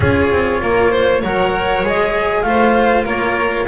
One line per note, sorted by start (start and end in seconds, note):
0.00 0.30 C#4
0.00 1.23 F4
0.00 0.60 G#4
0.00 1.23 C#5
0.30 0.61 C4
0.61 1.22 A#3
0.61 0.90 A#4
0.90 1.21 C5
1.21 1.83 F#3
1.21 1.85 A#4
1.21 2.43 C#5
1.21 1.84 F#5
1.83 2.43 G#3
1.83 2.44 G#4
1.83 2.41 D#5
2.41 3.04 A3
2.41 3.66 F4
2.41 3.04 C5
2.41 3.03 F5
3.04 3.66 A#3
3.04 3.66 A#4
3.04 3.67 C#5